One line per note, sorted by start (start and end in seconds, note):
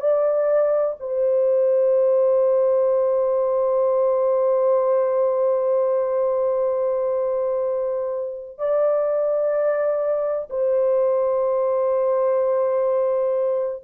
0.00 0.95 D5
1.00 8.58 C5
8.58 10.48 D5
10.49 13.83 C5